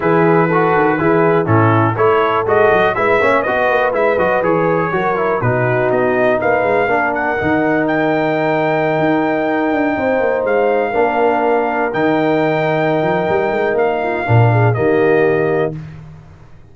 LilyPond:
<<
  \new Staff \with { instrumentName = "trumpet" } { \time 4/4 \tempo 4 = 122 b'2. a'4 | cis''4 dis''4 e''4 dis''4 | e''8 dis''8 cis''2 b'4 | dis''4 f''4. fis''4. |
g''1~ | g''4~ g''16 f''2~ f''8.~ | f''16 g''2.~ g''8. | f''2 dis''2 | }
  \new Staff \with { instrumentName = "horn" } { \time 4/4 gis'4 a'4 gis'4 e'4 | a'2 b'8 cis''8 b'4~ | b'2 ais'4 fis'4~ | fis'4 b'4 ais'2~ |
ais'1~ | ais'16 c''2 ais'4.~ ais'16~ | ais'1~ | ais'8 f'8 ais'8 gis'8 g'2 | }
  \new Staff \with { instrumentName = "trombone" } { \time 4/4 e'4 fis'4 e'4 cis'4 | e'4 fis'4 e'8 cis'8 fis'4 | e'8 fis'8 gis'4 fis'8 e'8 dis'4~ | dis'2 d'4 dis'4~ |
dis'1~ | dis'2~ dis'16 d'4.~ d'16~ | d'16 dis'2.~ dis'8.~ | dis'4 d'4 ais2 | }
  \new Staff \with { instrumentName = "tuba" } { \time 4/4 e4. dis8 e4 a,4 | a4 gis8 fis8 gis8 ais8 b8 ais8 | gis8 fis8 e4 fis4 b,4 | b4 ais8 gis8 ais4 dis4~ |
dis2~ dis16 dis'4. d'16~ | d'16 c'8 ais8 gis4 ais4.~ ais16~ | ais16 dis2~ dis16 f8 g8 gis8 | ais4 ais,4 dis2 | }
>>